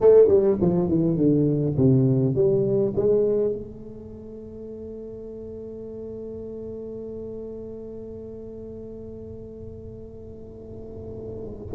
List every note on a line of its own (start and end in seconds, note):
0.00 0.28 A3
0.28 0.57 G3
0.61 0.88 F3
0.88 1.16 E3
1.16 1.75 D3
1.77 2.35 C3
2.35 2.94 G3
2.95 3.52 G#3
3.52 11.75 A3